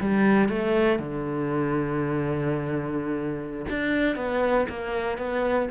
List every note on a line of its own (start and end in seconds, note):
0.00 0.48 G3
0.48 0.99 A3
0.99 3.66 D3
3.69 4.16 D4
4.16 4.66 B3
4.69 5.17 A#3
5.17 5.68 B3